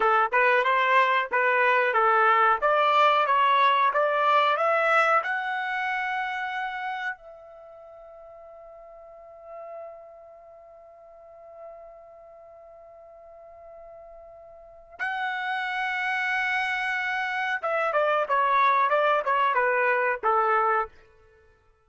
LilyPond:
\new Staff \with { instrumentName = "trumpet" } { \time 4/4 \tempo 4 = 92 a'8 b'8 c''4 b'4 a'4 | d''4 cis''4 d''4 e''4 | fis''2. e''4~ | e''1~ |
e''1~ | e''2. fis''4~ | fis''2. e''8 d''8 | cis''4 d''8 cis''8 b'4 a'4 | }